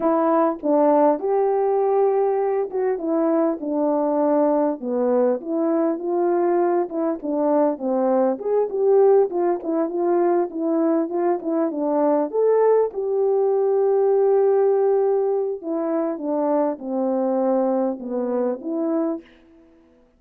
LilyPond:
\new Staff \with { instrumentName = "horn" } { \time 4/4 \tempo 4 = 100 e'4 d'4 g'2~ | g'8 fis'8 e'4 d'2 | b4 e'4 f'4. e'8 | d'4 c'4 gis'8 g'4 f'8 |
e'8 f'4 e'4 f'8 e'8 d'8~ | d'8 a'4 g'2~ g'8~ | g'2 e'4 d'4 | c'2 b4 e'4 | }